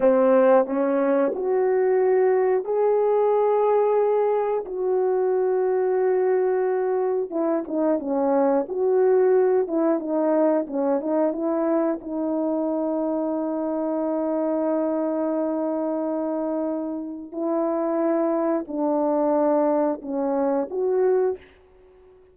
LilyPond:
\new Staff \with { instrumentName = "horn" } { \time 4/4 \tempo 4 = 90 c'4 cis'4 fis'2 | gis'2. fis'4~ | fis'2. e'8 dis'8 | cis'4 fis'4. e'8 dis'4 |
cis'8 dis'8 e'4 dis'2~ | dis'1~ | dis'2 e'2 | d'2 cis'4 fis'4 | }